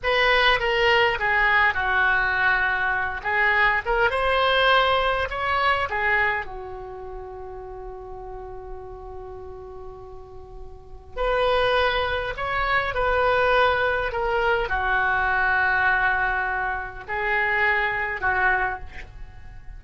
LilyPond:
\new Staff \with { instrumentName = "oboe" } { \time 4/4 \tempo 4 = 102 b'4 ais'4 gis'4 fis'4~ | fis'4. gis'4 ais'8 c''4~ | c''4 cis''4 gis'4 fis'4~ | fis'1~ |
fis'2. b'4~ | b'4 cis''4 b'2 | ais'4 fis'2.~ | fis'4 gis'2 fis'4 | }